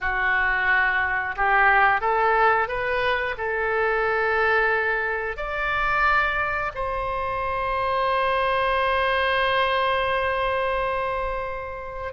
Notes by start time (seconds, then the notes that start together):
0.01 F#4
1.36 G4
2.00 A4
2.68 B4
3.37 A4
5.37 D5
6.74 C5